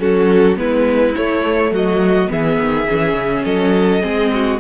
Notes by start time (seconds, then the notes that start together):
0.00 F#3 C#4 F#4 A4
0.57 G#3 B3 E4 B4
1.16 A3 C#5
1.71 F#3 F#4 D#5
2.28 E3 B3 G#4 E5
2.60 D#3
2.89 E3 C#4
3.14 C#3
3.45 F#3 A4 D#5
4.02 G#3 C4 G#4
4.34 F#4